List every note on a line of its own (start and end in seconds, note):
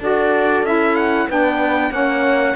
0.00 0.63 D4
0.00 0.65 F#4
0.00 1.28 A4
0.00 0.66 D5
0.63 1.27 C#4
0.63 1.29 E4
0.63 0.96 E5
0.96 1.28 F#5
1.29 1.90 B3
1.29 1.92 D4
1.29 1.91 B4
1.29 1.92 G5
1.90 2.54 A#3
1.90 2.55 C#4
1.90 2.55 C#5
1.90 2.56 F#5